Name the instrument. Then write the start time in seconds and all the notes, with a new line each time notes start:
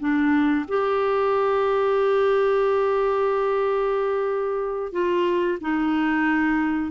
clarinet
0.00 D4
0.68 G4
4.92 F4
5.61 D#4